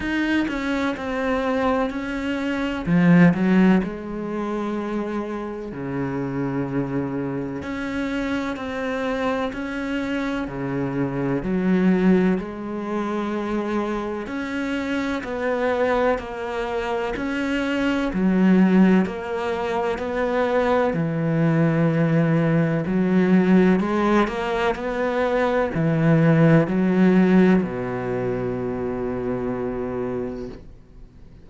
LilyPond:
\new Staff \with { instrumentName = "cello" } { \time 4/4 \tempo 4 = 63 dis'8 cis'8 c'4 cis'4 f8 fis8 | gis2 cis2 | cis'4 c'4 cis'4 cis4 | fis4 gis2 cis'4 |
b4 ais4 cis'4 fis4 | ais4 b4 e2 | fis4 gis8 ais8 b4 e4 | fis4 b,2. | }